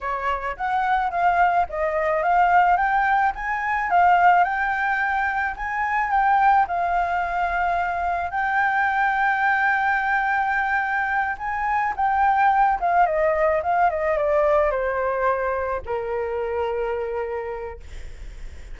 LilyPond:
\new Staff \with { instrumentName = "flute" } { \time 4/4 \tempo 4 = 108 cis''4 fis''4 f''4 dis''4 | f''4 g''4 gis''4 f''4 | g''2 gis''4 g''4 | f''2. g''4~ |
g''1~ | g''8 gis''4 g''4. f''8 dis''8~ | dis''8 f''8 dis''8 d''4 c''4.~ | c''8 ais'2.~ ais'8 | }